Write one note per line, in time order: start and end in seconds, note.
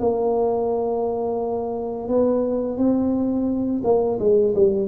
0.00 2.09 A#3
2.09 2.78 B3
2.78 3.82 C4
3.84 4.19 A#3
4.20 4.55 G#3
4.55 4.89 G3